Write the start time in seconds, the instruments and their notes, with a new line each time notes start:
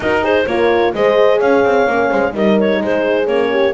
0.00 double bass D#4, horn D#4 F#4, clarinet A#4
0.22 horn G#4, clarinet C5
0.46 double bass A#3, horn F4 A#4, clarinet C#5
0.94 double bass G#3, horn G#4 C5, clarinet D#5
1.39 double bass C#4, horn C#5, clarinet F5
1.64 double bass C4
1.86 double bass A#3, horn C#4
2.10 double bass G#3, horn C5
2.31 double bass G3, horn D#4 A#4, clarinet D#5
2.59 clarinet C#5
2.80 double bass G#3, horn G#4, clarinet C5
3.26 double bass A#3, horn C#4, clarinet C#5
3.50 horn G4